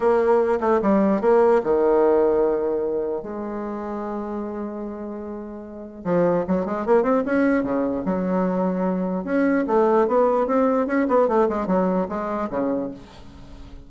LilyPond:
\new Staff \with { instrumentName = "bassoon" } { \time 4/4 \tempo 4 = 149 ais4. a8 g4 ais4 | dis1 | gis1~ | gis2. f4 |
fis8 gis8 ais8 c'8 cis'4 cis4 | fis2. cis'4 | a4 b4 c'4 cis'8 b8 | a8 gis8 fis4 gis4 cis4 | }